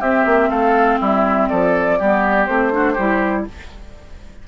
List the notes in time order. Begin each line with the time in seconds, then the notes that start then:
0.00 C4 G4 E5
0.25 A#3
0.49 A3 A4 F5
0.99 G3 E4 E5
1.48 F3 A4 D5
1.99 G3 B3 G4
2.46 A3 C4 C5
2.72 D4 F#4
2.93 G3 E4 G4